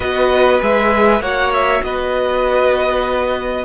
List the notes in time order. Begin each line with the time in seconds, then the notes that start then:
0.00 B3 F#4 B4 D#5
0.59 G#3 G#4 E5
1.20 A#3 F#4 C#5 F#5
1.53 E5
1.83 B3 B4 D#5